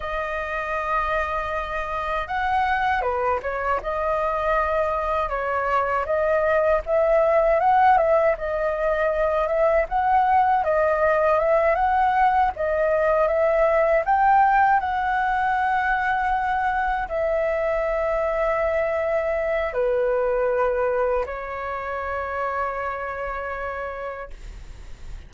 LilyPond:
\new Staff \with { instrumentName = "flute" } { \time 4/4 \tempo 4 = 79 dis''2. fis''4 | b'8 cis''8 dis''2 cis''4 | dis''4 e''4 fis''8 e''8 dis''4~ | dis''8 e''8 fis''4 dis''4 e''8 fis''8~ |
fis''8 dis''4 e''4 g''4 fis''8~ | fis''2~ fis''8 e''4.~ | e''2 b'2 | cis''1 | }